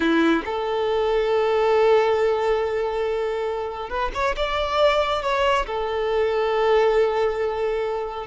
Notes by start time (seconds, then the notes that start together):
0.00 E4
0.45 A4
3.89 B4
4.13 C#5
4.36 D5
5.22 C#5
5.66 A4